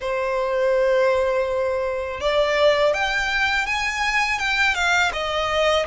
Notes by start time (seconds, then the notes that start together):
0.00 C5
2.20 D5
2.93 G5
3.66 G#5
4.38 G5
4.74 F5
5.13 D#5